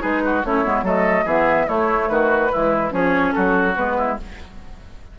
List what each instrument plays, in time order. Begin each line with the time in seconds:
0.00 bassoon G#3, clarinet D#4, oboe G#4, flute B4
0.25 oboe F#4
0.44 bassoon A3, clarinet C#4, oboe E4, flute C#5
0.64 bassoon G#3, clarinet B3
0.82 bassoon F#3, clarinet A3, oboe A4, flute D#5
1.25 bassoon E3, clarinet B3, oboe G#4, flute E5
1.67 clarinet A3, bassoon A3, oboe E4, flute C#5
2.08 bassoon D#3, oboe F#4, flute B4
2.52 bassoon E3, clarinet G#3, oboe E4
2.91 bassoon F3, clarinet C#4, oboe G#4, flute C#5
3.32 bassoon F#3, oboe F#4, flute A4
3.76 bassoon G#3, clarinet B3, flute B4
3.97 oboe E4